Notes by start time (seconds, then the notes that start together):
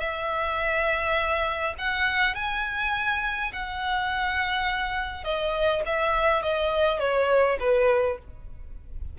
0.00 E5
1.78 F#5
2.35 G#5
3.53 F#5
5.24 D#5
5.86 E5
6.43 D#5
7.00 C#5
7.60 B4